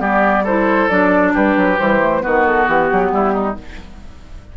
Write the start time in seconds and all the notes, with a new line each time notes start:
0.00 G3 B3 G4 D5
0.44 E4 A4 C5
0.89 F#3 D4 D5
1.34 G3 G4 B4
1.57 F#3
1.78 E3 G3 C5
2.01 A3
2.21 D#3 B3 F#4 B4
2.47 A4
2.68 E3 G4
2.92 F#3
3.12 G3 E4
3.33 D#4